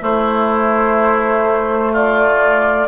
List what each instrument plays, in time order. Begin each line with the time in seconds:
0.00 clarinet A3, bassoon A3, oboe E4, flute C5
1.92 oboe F4, flute D5